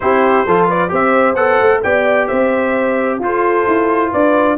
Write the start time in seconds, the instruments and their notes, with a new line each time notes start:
0.00 tuba C4, trombone E4, horn G4, trumpet C5
0.46 tuba F3, trombone F4, horn A4
0.67 horn B4, trumpet D5
0.88 tuba C4, trombone G4, horn C5, trumpet E5
1.35 tuba B3, trombone A4, trumpet F#5
1.60 tuba A3
1.82 tuba B3, trombone G4, horn D5, trumpet G5
2.27 tuba C4, horn C5, trumpet E5
3.19 tuba F4, trombone F4, horn A4, trumpet C5
3.67 tuba E4
4.11 tuba D4, horn B4, trumpet D5